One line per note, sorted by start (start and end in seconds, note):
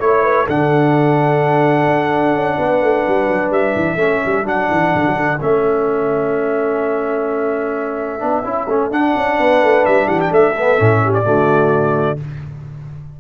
0.00 0.47 A3
0.00 0.47 E4
0.00 0.47 C#5
0.00 0.23 C#5
0.23 0.46 B4
0.46 1.87 D3
0.46 3.98 D4
0.46 2.57 A4
0.46 3.52 F#5
1.87 2.34 D4
2.34 2.57 C#4
2.58 2.82 B3
2.58 4.00 B4
2.82 3.05 A3
3.08 3.28 G3
3.28 3.50 F#3
3.50 3.74 G3
3.50 4.46 E5
3.75 3.96 E3
3.96 4.19 A3
3.96 4.44 C#4
3.96 9.38 A4
4.25 4.45 G3
4.44 4.68 F#3
4.44 5.38 D4
4.44 5.41 F#5
4.71 4.95 E3
4.95 5.06 D3
5.06 5.16 F#3
5.16 5.40 D3
5.41 8.22 A3
5.41 8.20 C#4
5.41 8.92 E5
8.20 8.45 B3
8.20 8.43 D4
8.44 8.68 C#4
8.44 8.67 E4
8.68 8.91 A3
8.68 8.91 C#4
8.91 9.14 D4
8.91 10.55 D4
8.91 9.85 F#5
9.16 9.39 C#4
9.38 9.63 B3
9.38 10.06 B4
9.63 9.86 A3
9.85 10.07 G3
9.85 10.08 E5
10.06 10.30 E3
10.06 10.30 G4
10.06 10.20 F#5
10.21 10.33 G5
10.31 10.78 A3
10.31 11.01 A4
10.31 11.14 E5
10.58 10.78 B3
10.78 11.26 A2
10.78 11.24 C#4
11.04 11.25 G4
11.14 12.19 D5
11.24 12.20 D3
11.24 12.17 A3
11.24 12.19 F#4